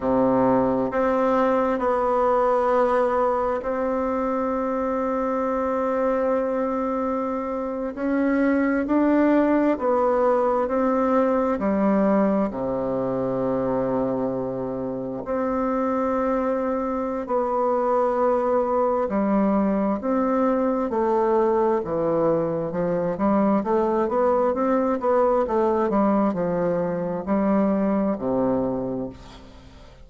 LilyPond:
\new Staff \with { instrumentName = "bassoon" } { \time 4/4 \tempo 4 = 66 c4 c'4 b2 | c'1~ | c'8. cis'4 d'4 b4 c'16~ | c'8. g4 c2~ c16~ |
c8. c'2~ c'16 b4~ | b4 g4 c'4 a4 | e4 f8 g8 a8 b8 c'8 b8 | a8 g8 f4 g4 c4 | }